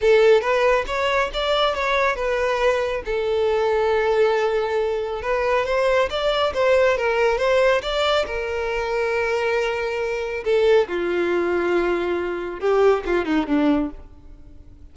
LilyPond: \new Staff \with { instrumentName = "violin" } { \time 4/4 \tempo 4 = 138 a'4 b'4 cis''4 d''4 | cis''4 b'2 a'4~ | a'1 | b'4 c''4 d''4 c''4 |
ais'4 c''4 d''4 ais'4~ | ais'1 | a'4 f'2.~ | f'4 g'4 f'8 dis'8 d'4 | }